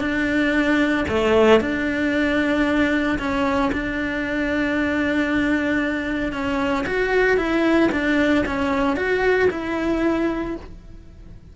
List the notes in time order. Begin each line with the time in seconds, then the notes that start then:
0.00 D4
1.08 A3
1.61 D4
3.19 C#4
3.72 D4
6.32 C#4
6.86 F#4
7.37 E4
7.92 D4
8.46 C#4
8.96 F#4
9.50 E4